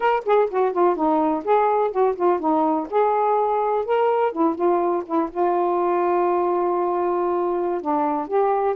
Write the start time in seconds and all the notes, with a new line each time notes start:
0.00 A#4
0.25 G#4
0.50 F#4
0.72 F4
0.96 D#4
1.44 G#4
1.91 F#4
2.15 F4
2.39 D#4
2.89 G#4
3.85 A#4
4.32 E4
4.55 F4
5.05 E4
5.31 F4
7.81 D4
8.27 G4